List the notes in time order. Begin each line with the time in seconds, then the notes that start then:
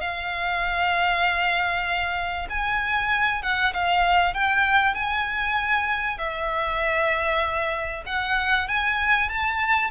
0.00 F5
2.49 G#5
3.42 F#5
3.74 F5
4.34 G5
4.94 G#5
6.18 E5
8.06 F#5
8.68 G#5
9.29 A5